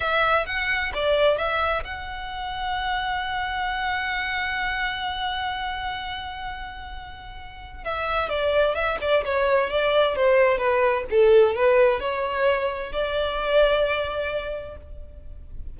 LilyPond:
\new Staff \with { instrumentName = "violin" } { \time 4/4 \tempo 4 = 130 e''4 fis''4 d''4 e''4 | fis''1~ | fis''1~ | fis''1~ |
fis''4 e''4 d''4 e''8 d''8 | cis''4 d''4 c''4 b'4 | a'4 b'4 cis''2 | d''1 | }